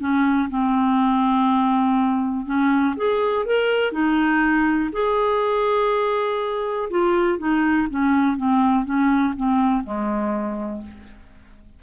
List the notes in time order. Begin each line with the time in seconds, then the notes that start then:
0.00 C#4
0.50 C4
2.46 C#4
2.97 G#4
3.46 A#4
3.92 D#4
4.93 G#4
6.91 F4
7.39 D#4
7.90 C#4
8.37 C4
8.85 C#4
9.37 C4
9.84 G#3